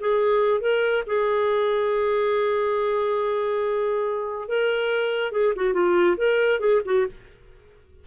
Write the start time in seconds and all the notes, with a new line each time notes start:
0.00 G#4
0.60 A#4
1.06 G#4
4.48 A#4
5.32 G#4
5.56 F#4
5.73 F4
6.17 A#4
6.60 G#4
6.85 F#4